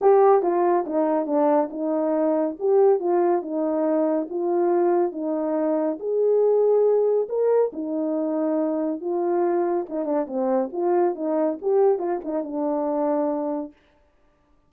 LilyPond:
\new Staff \with { instrumentName = "horn" } { \time 4/4 \tempo 4 = 140 g'4 f'4 dis'4 d'4 | dis'2 g'4 f'4 | dis'2 f'2 | dis'2 gis'2~ |
gis'4 ais'4 dis'2~ | dis'4 f'2 dis'8 d'8 | c'4 f'4 dis'4 g'4 | f'8 dis'8 d'2. | }